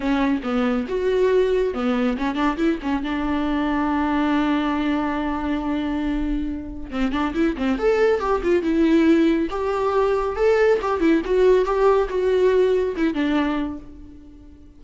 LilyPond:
\new Staff \with { instrumentName = "viola" } { \time 4/4 \tempo 4 = 139 cis'4 b4 fis'2 | b4 cis'8 d'8 e'8 cis'8 d'4~ | d'1~ | d'1 |
c'8 d'8 e'8 c'8 a'4 g'8 f'8 | e'2 g'2 | a'4 g'8 e'8 fis'4 g'4 | fis'2 e'8 d'4. | }